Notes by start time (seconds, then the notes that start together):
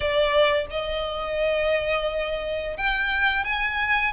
0.00 D5
0.70 D#5
2.77 G5
3.44 G#5